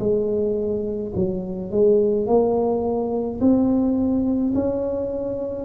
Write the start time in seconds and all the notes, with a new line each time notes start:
0.00 G#3
1.16 F#3
1.71 G#3
2.27 A#3
3.41 C4
4.55 C#4